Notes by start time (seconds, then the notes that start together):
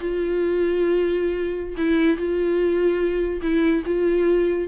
0.00 F4
1.77 E4
2.17 F4
3.42 E4
3.86 F4